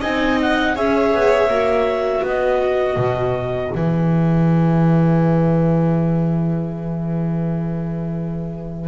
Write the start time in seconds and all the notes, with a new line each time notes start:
0.00 C4 D#4 D#5 G#5
0.41 F#5
0.74 C#4 G#4 C#5 E5
1.14 B3
1.47 A#3 F#4
2.22 B3 B4 D#5
2.96 B2
3.72 E3 G#4 E5